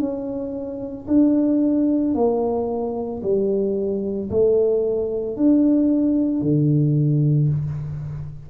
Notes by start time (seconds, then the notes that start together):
0.00 C#4
1.08 D4
2.15 A#3
3.23 G3
4.31 A3
5.37 D4
6.42 D3